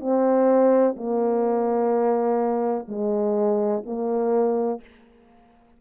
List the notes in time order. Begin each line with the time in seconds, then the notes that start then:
0.00 C4
0.97 A#3
2.88 G#3
3.86 A#3